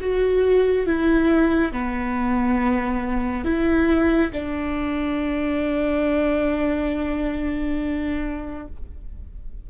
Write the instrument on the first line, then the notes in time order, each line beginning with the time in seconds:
viola
0.00 F#4
0.86 E4
1.72 B3
3.45 E4
4.32 D4